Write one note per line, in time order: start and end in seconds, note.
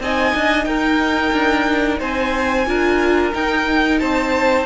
0.00 0.33 C4
0.00 2.66 D#4
0.00 0.68 D#5
0.00 0.65 G#5
0.35 0.66 D4
0.65 1.33 D#4
0.65 1.99 A#4
0.65 1.98 G5
1.33 2.00 D4
1.99 2.67 C4
1.99 2.66 C5
1.99 3.34 G#5
2.66 3.33 D4
2.66 3.33 F4
2.66 4.01 A#4
3.34 4.67 D#4
3.34 4.02 D#4
3.34 3.99 G5
3.99 4.67 C4
3.99 4.67 C5
3.99 4.66 A5